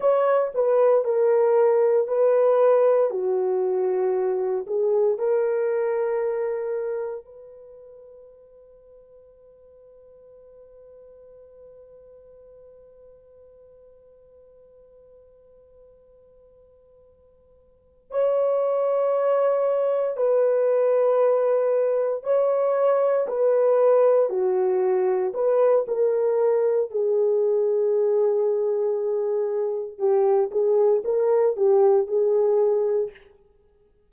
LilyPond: \new Staff \with { instrumentName = "horn" } { \time 4/4 \tempo 4 = 58 cis''8 b'8 ais'4 b'4 fis'4~ | fis'8 gis'8 ais'2 b'4~ | b'1~ | b'1~ |
b'4. cis''2 b'8~ | b'4. cis''4 b'4 fis'8~ | fis'8 b'8 ais'4 gis'2~ | gis'4 g'8 gis'8 ais'8 g'8 gis'4 | }